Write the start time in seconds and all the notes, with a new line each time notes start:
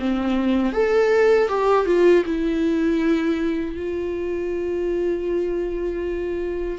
0.00 C4
0.73 A4
1.49 G4
1.86 F4
2.26 E4
3.77 F4